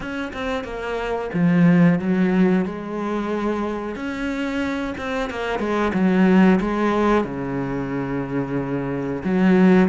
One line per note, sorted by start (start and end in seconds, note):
0.00 0.32 C#4
0.33 0.64 C4
0.64 1.29 A#3
1.33 1.99 F3
1.99 2.65 F#3
2.65 3.95 G#3
3.95 4.94 C#4
4.97 5.30 C4
5.30 5.59 A#3
5.59 5.92 G#3
5.93 6.59 F#3
6.60 7.24 G#3
7.24 9.22 C#3
9.24 9.88 F#3